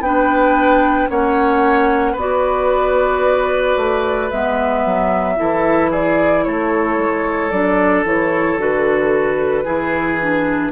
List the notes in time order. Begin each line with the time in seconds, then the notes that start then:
0.00 B3 D4 B4 G5
1.08 A#3 C#4 C#5 F#5
2.12 B3 B4
2.18 F#4 D5
3.76 A3
4.29 G#3 B3 E5
4.85 F#3
5.36 E3 E4 A4
5.90 G#4 D5
6.44 A3 A4 C#5
6.97 G#3
7.50 F#3 D4 D5
8.04 E3 E4 C#5
8.57 D3 F#4 B4
9.64 E3 E4 G#4
10.21 D4